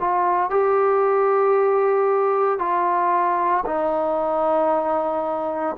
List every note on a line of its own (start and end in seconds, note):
0.00 0.50 F4
0.50 2.59 G4
2.59 3.64 F4
3.66 5.76 D#4